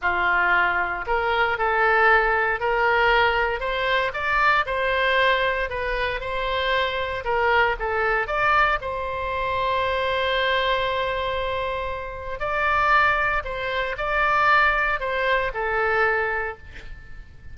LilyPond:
\new Staff \with { instrumentName = "oboe" } { \time 4/4 \tempo 4 = 116 f'2 ais'4 a'4~ | a'4 ais'2 c''4 | d''4 c''2 b'4 | c''2 ais'4 a'4 |
d''4 c''2.~ | c''1 | d''2 c''4 d''4~ | d''4 c''4 a'2 | }